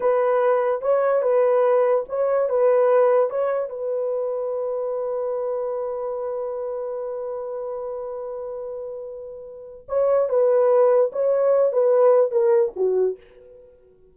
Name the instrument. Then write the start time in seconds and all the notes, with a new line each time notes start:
horn
0.00 B4
0.81 C#5
1.22 B4
2.08 C#5
2.49 B4
3.30 C#5
3.69 B4
9.88 C#5
10.29 B4
11.12 C#5
11.72 B4
12.31 A#4
12.76 F#4